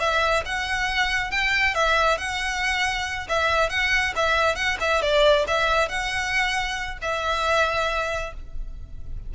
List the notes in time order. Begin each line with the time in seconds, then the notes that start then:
0.00 E5
0.46 F#5
1.31 G5
1.75 E5
2.18 F#5
3.29 E5
3.70 F#5
4.16 E5
4.56 F#5
4.81 E5
5.02 D5
5.48 E5
5.89 F#5
7.02 E5